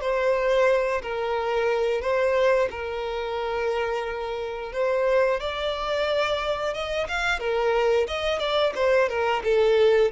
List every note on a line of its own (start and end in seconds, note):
0.00 1.01 C5
1.02 2.01 A#4
2.01 2.68 C5
2.70 4.72 A#4
4.72 5.40 C5
5.40 6.74 D5
6.74 7.07 D#5
7.08 7.39 F5
7.39 8.07 A#4
8.07 8.39 D#5
8.39 8.72 D5
8.75 9.08 C5
9.08 9.42 A#4
9.44 10.11 A4